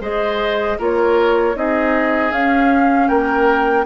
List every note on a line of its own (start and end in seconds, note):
0.00 0.77 G#3
0.00 0.79 G#4
0.00 0.78 C5
0.00 0.79 D#5
0.78 1.55 A#3
0.78 1.54 F4
0.78 1.55 A#4
0.78 1.57 C#5
1.54 2.31 C4
1.54 2.31 D#4
1.54 3.08 G#4
1.54 2.32 D#5
2.31 3.08 C#4
2.31 3.86 C#4
2.31 3.08 F5
3.08 3.86 A#3
3.08 3.85 A#4
3.08 3.85 G5